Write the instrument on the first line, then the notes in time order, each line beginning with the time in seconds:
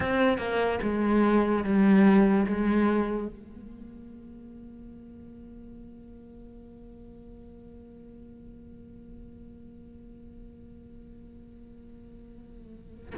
cello
0.00 C4
0.38 A#3
0.82 G#3
1.64 G3
2.46 G#3
3.27 A#3